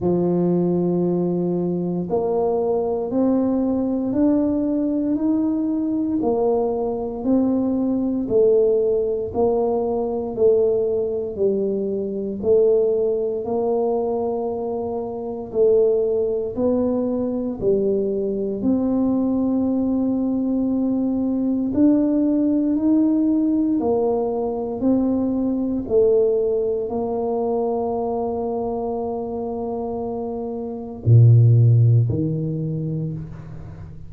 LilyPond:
\new Staff \with { instrumentName = "tuba" } { \time 4/4 \tempo 4 = 58 f2 ais4 c'4 | d'4 dis'4 ais4 c'4 | a4 ais4 a4 g4 | a4 ais2 a4 |
b4 g4 c'2~ | c'4 d'4 dis'4 ais4 | c'4 a4 ais2~ | ais2 ais,4 dis4 | }